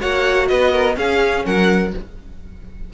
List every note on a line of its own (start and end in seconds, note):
0.00 0.51 A#3
0.00 0.94 F#4
0.00 0.48 C#5
0.00 0.48 F#5
0.48 0.97 B3
0.48 0.72 B4
0.48 0.96 D#5
0.72 0.96 A#4
0.94 1.90 C#4
0.94 1.45 C#4
0.94 1.46 G#4
0.94 1.46 F5
1.46 1.94 F#3
1.46 1.94 A#4
1.46 1.94 F#5